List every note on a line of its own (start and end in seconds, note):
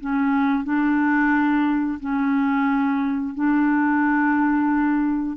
0.00 0.64 C#4
0.64 1.99 D4
1.99 3.34 C#4
3.34 5.37 D4